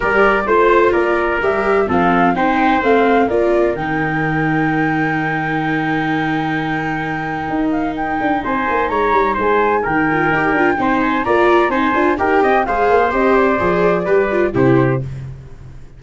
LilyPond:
<<
  \new Staff \with { instrumentName = "flute" } { \time 4/4 \tempo 4 = 128 d''4 c''4 d''4 e''4 | f''4 g''4 f''4 d''4 | g''1~ | g''1~ |
g''8 f''8 g''4 gis''4 ais''4 | gis''4 g''2~ g''8 gis''8 | ais''4 gis''4 g''4 f''4 | dis''8 d''2~ d''8 c''4 | }
  \new Staff \with { instrumentName = "trumpet" } { \time 4/4 ais'4 c''4 ais'2 | a'4 c''2 ais'4~ | ais'1~ | ais'1~ |
ais'2 c''4 cis''4 | c''4 ais'2 c''4 | d''4 c''4 ais'8 dis''8 c''4~ | c''2 b'4 g'4 | }
  \new Staff \with { instrumentName = "viola" } { \time 4/4 g'4 f'2 g'4 | c'4 dis'4 c'4 f'4 | dis'1~ | dis'1~ |
dis'1~ | dis'4. f'8 g'8 f'8 dis'4 | f'4 dis'8 f'8 g'4 gis'4 | g'4 gis'4 g'8 f'8 e'4 | }
  \new Staff \with { instrumentName = "tuba" } { \time 4/4 g4 a4 ais4 g4 | f4 c'4 a4 ais4 | dis1~ | dis1 |
dis'4. d'8 c'8 ais8 gis8 g8 | gis4 dis4 dis'8 d'8 c'4 | ais4 c'8 d'8 dis'8 c'8 gis8 ais8 | c'4 f4 g4 c4 | }
>>